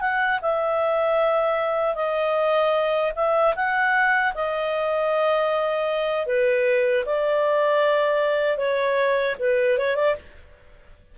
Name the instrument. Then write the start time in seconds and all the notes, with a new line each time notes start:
clarinet
0.00 F#5
0.41 E5
1.95 D#5
3.15 E5
3.55 F#5
4.34 D#5
6.26 B4
7.05 D5
8.57 C#5
9.39 B4
9.78 C#5
9.95 D5